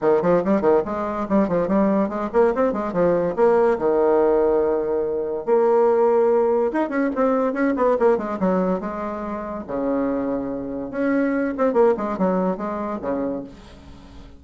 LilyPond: \new Staff \with { instrumentName = "bassoon" } { \time 4/4 \tempo 4 = 143 dis8 f8 g8 dis8 gis4 g8 f8 | g4 gis8 ais8 c'8 gis8 f4 | ais4 dis2.~ | dis4 ais2. |
dis'8 cis'8 c'4 cis'8 b8 ais8 gis8 | fis4 gis2 cis4~ | cis2 cis'4. c'8 | ais8 gis8 fis4 gis4 cis4 | }